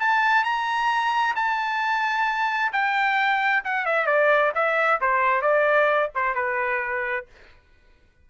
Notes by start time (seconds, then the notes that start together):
0.00 A5
0.44 A#5
1.36 A5
2.73 G5
3.65 F#5
3.86 E5
4.07 D5
4.55 E5
5.01 C5
5.42 D5
6.15 C5
6.35 B4